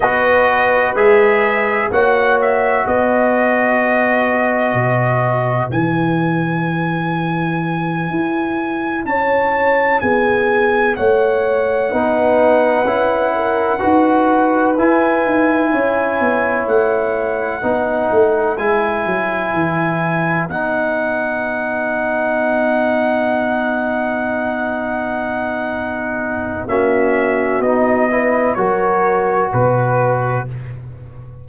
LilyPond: <<
  \new Staff \with { instrumentName = "trumpet" } { \time 4/4 \tempo 4 = 63 dis''4 e''4 fis''8 e''8 dis''4~ | dis''2 gis''2~ | gis''4. a''4 gis''4 fis''8~ | fis''2.~ fis''8 gis''8~ |
gis''4. fis''2 gis''8~ | gis''4. fis''2~ fis''8~ | fis''1 | e''4 dis''4 cis''4 b'4 | }
  \new Staff \with { instrumentName = "horn" } { \time 4/4 b'2 cis''4 b'4~ | b'1~ | b'4. cis''4 gis'4 cis''8~ | cis''8 b'4. ais'8 b'4.~ |
b'8 cis''2 b'4.~ | b'1~ | b'1 | fis'4. b'8 ais'4 b'4 | }
  \new Staff \with { instrumentName = "trombone" } { \time 4/4 fis'4 gis'4 fis'2~ | fis'2 e'2~ | e'1~ | e'8 dis'4 e'4 fis'4 e'8~ |
e'2~ e'8 dis'4 e'8~ | e'4. dis'2~ dis'8~ | dis'1 | cis'4 dis'8 e'8 fis'2 | }
  \new Staff \with { instrumentName = "tuba" } { \time 4/4 b4 gis4 ais4 b4~ | b4 b,4 e2~ | e8 e'4 cis'4 b4 a8~ | a8 b4 cis'4 dis'4 e'8 |
dis'8 cis'8 b8 a4 b8 a8 gis8 | fis8 e4 b2~ b8~ | b1 | ais4 b4 fis4 b,4 | }
>>